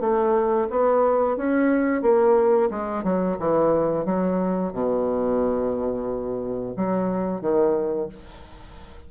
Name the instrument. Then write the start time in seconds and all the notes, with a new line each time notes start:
bassoon
0.00 A3
0.70 B3
1.36 C#4
2.02 A#3
2.70 G#3
3.03 F#3
3.39 E3
4.05 F#3
4.73 B2
6.76 F#3
7.41 D#3